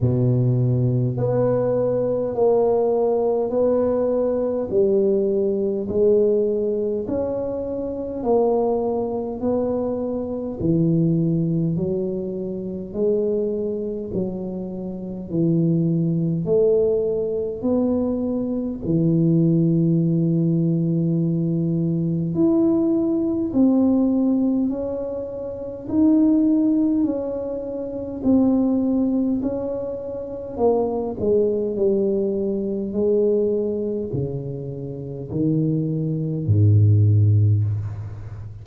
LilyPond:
\new Staff \with { instrumentName = "tuba" } { \time 4/4 \tempo 4 = 51 b,4 b4 ais4 b4 | g4 gis4 cis'4 ais4 | b4 e4 fis4 gis4 | fis4 e4 a4 b4 |
e2. e'4 | c'4 cis'4 dis'4 cis'4 | c'4 cis'4 ais8 gis8 g4 | gis4 cis4 dis4 gis,4 | }